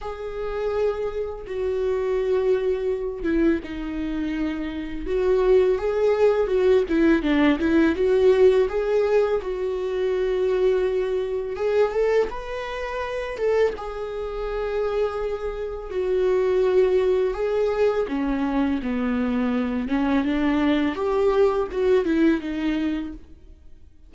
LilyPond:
\new Staff \with { instrumentName = "viola" } { \time 4/4 \tempo 4 = 83 gis'2 fis'2~ | fis'8 e'8 dis'2 fis'4 | gis'4 fis'8 e'8 d'8 e'8 fis'4 | gis'4 fis'2. |
gis'8 a'8 b'4. a'8 gis'4~ | gis'2 fis'2 | gis'4 cis'4 b4. cis'8 | d'4 g'4 fis'8 e'8 dis'4 | }